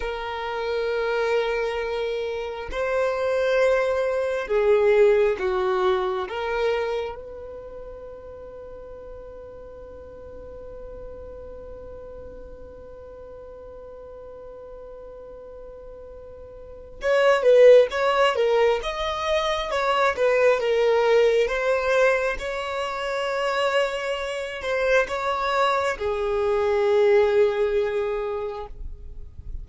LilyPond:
\new Staff \with { instrumentName = "violin" } { \time 4/4 \tempo 4 = 67 ais'2. c''4~ | c''4 gis'4 fis'4 ais'4 | b'1~ | b'1~ |
b'2. cis''8 b'8 | cis''8 ais'8 dis''4 cis''8 b'8 ais'4 | c''4 cis''2~ cis''8 c''8 | cis''4 gis'2. | }